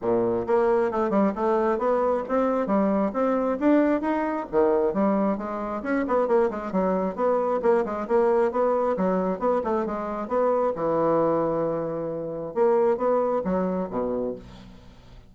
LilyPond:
\new Staff \with { instrumentName = "bassoon" } { \time 4/4 \tempo 4 = 134 ais,4 ais4 a8 g8 a4 | b4 c'4 g4 c'4 | d'4 dis'4 dis4 g4 | gis4 cis'8 b8 ais8 gis8 fis4 |
b4 ais8 gis8 ais4 b4 | fis4 b8 a8 gis4 b4 | e1 | ais4 b4 fis4 b,4 | }